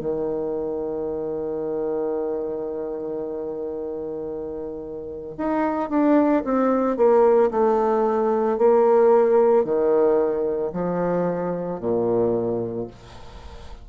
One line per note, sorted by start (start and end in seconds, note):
0.00 5.36 D#3
5.38 5.90 D#4
5.90 6.43 D4
6.44 6.97 C4
6.97 7.50 A#3
7.51 8.58 A3
8.58 9.64 A#3
9.64 10.71 D#3
10.73 11.80 F3
11.80 12.87 A#2